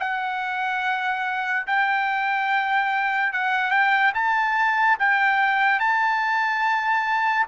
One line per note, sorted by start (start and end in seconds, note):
0.00 1.67 F#5
1.67 3.33 G5
3.33 3.71 F#5
3.71 4.13 G5
4.15 4.98 A5
5.00 5.80 G5
5.80 7.47 A5